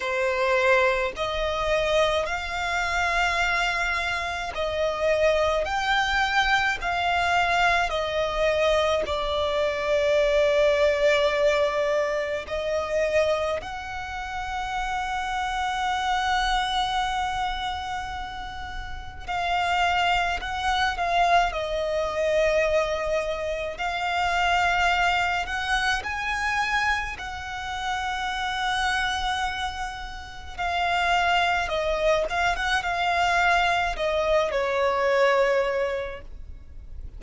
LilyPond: \new Staff \with { instrumentName = "violin" } { \time 4/4 \tempo 4 = 53 c''4 dis''4 f''2 | dis''4 g''4 f''4 dis''4 | d''2. dis''4 | fis''1~ |
fis''4 f''4 fis''8 f''8 dis''4~ | dis''4 f''4. fis''8 gis''4 | fis''2. f''4 | dis''8 f''16 fis''16 f''4 dis''8 cis''4. | }